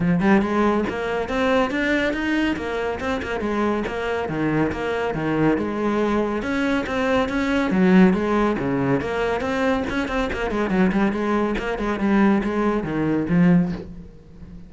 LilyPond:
\new Staff \with { instrumentName = "cello" } { \time 4/4 \tempo 4 = 140 f8 g8 gis4 ais4 c'4 | d'4 dis'4 ais4 c'8 ais8 | gis4 ais4 dis4 ais4 | dis4 gis2 cis'4 |
c'4 cis'4 fis4 gis4 | cis4 ais4 c'4 cis'8 c'8 | ais8 gis8 fis8 g8 gis4 ais8 gis8 | g4 gis4 dis4 f4 | }